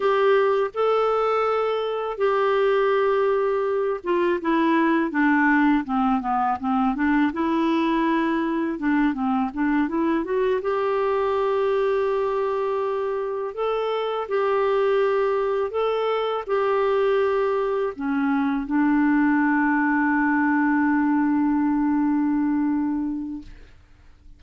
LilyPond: \new Staff \with { instrumentName = "clarinet" } { \time 4/4 \tempo 4 = 82 g'4 a'2 g'4~ | g'4. f'8 e'4 d'4 | c'8 b8 c'8 d'8 e'2 | d'8 c'8 d'8 e'8 fis'8 g'4.~ |
g'2~ g'8 a'4 g'8~ | g'4. a'4 g'4.~ | g'8 cis'4 d'2~ d'8~ | d'1 | }